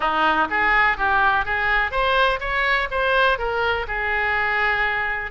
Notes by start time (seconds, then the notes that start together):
0.00 D#4
0.49 G#4
0.97 G4
1.45 G#4
1.91 C5
2.40 C#5
2.90 C5
3.38 A#4
3.87 G#4